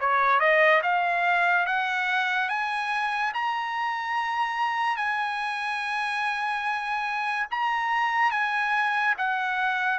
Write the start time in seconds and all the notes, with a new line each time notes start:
0.00 C#5
0.40 D#5
0.83 F5
1.66 F#5
2.49 G#5
3.34 A#5
4.97 G#5
7.51 A#5
8.31 G#5
9.18 F#5